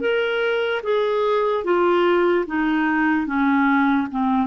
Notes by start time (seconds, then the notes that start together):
0.00 A#4
0.83 G#4
1.64 F4
2.46 D#4
3.26 C#4
4.11 C4